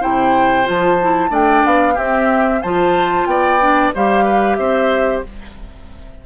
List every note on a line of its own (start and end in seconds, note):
0.00 0.68 C3
0.00 0.63 E4
0.00 1.30 C5
0.00 0.67 G5
0.63 1.30 F3
0.63 0.96 F4
0.63 1.34 A5
1.02 1.29 E4
1.29 1.63 A3
1.29 1.94 D4
1.29 1.94 D5
1.29 1.65 G5
1.65 1.97 B3
1.65 1.98 F5
1.94 2.62 C4
1.94 2.59 G4
1.94 2.61 E5
2.61 3.26 F3
2.61 3.60 F4
2.61 3.27 C5
2.61 3.26 A5
3.26 3.91 B3
3.26 3.94 D5
3.26 3.91 G5
3.60 3.93 D4
3.94 4.58 G3
3.94 5.25 G4
3.94 4.24 C5
3.94 4.55 F5
4.24 4.57 B4
4.55 5.23 C4
4.55 5.24 C5
4.55 5.20 E5